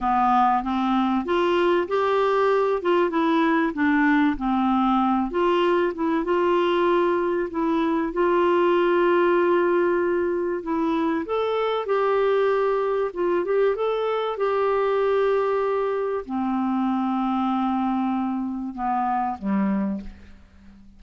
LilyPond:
\new Staff \with { instrumentName = "clarinet" } { \time 4/4 \tempo 4 = 96 b4 c'4 f'4 g'4~ | g'8 f'8 e'4 d'4 c'4~ | c'8 f'4 e'8 f'2 | e'4 f'2.~ |
f'4 e'4 a'4 g'4~ | g'4 f'8 g'8 a'4 g'4~ | g'2 c'2~ | c'2 b4 g4 | }